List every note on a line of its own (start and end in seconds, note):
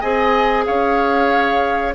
0.00 0.66 C4
0.00 1.94 G#4
0.00 0.64 D#5
0.00 0.64 G#5
0.65 1.94 C#4
0.65 1.94 C#5
0.65 1.93 F5